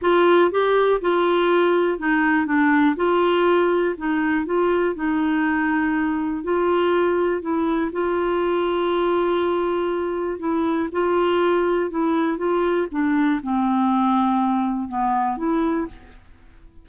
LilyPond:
\new Staff \with { instrumentName = "clarinet" } { \time 4/4 \tempo 4 = 121 f'4 g'4 f'2 | dis'4 d'4 f'2 | dis'4 f'4 dis'2~ | dis'4 f'2 e'4 |
f'1~ | f'4 e'4 f'2 | e'4 f'4 d'4 c'4~ | c'2 b4 e'4 | }